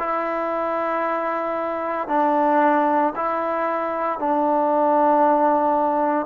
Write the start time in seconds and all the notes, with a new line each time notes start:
0.00 E4
2.09 D4
3.16 E4
4.20 D4